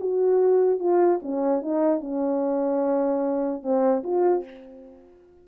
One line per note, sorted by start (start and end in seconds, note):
0.00 0.79 F#4
0.79 1.20 F4
1.22 1.62 C#4
1.62 2.00 D#4
2.00 3.62 C#4
3.62 4.03 C4
4.03 4.44 F4